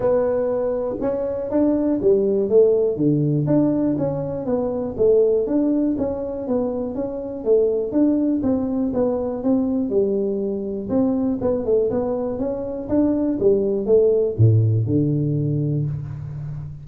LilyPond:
\new Staff \with { instrumentName = "tuba" } { \time 4/4 \tempo 4 = 121 b2 cis'4 d'4 | g4 a4 d4 d'4 | cis'4 b4 a4 d'4 | cis'4 b4 cis'4 a4 |
d'4 c'4 b4 c'4 | g2 c'4 b8 a8 | b4 cis'4 d'4 g4 | a4 a,4 d2 | }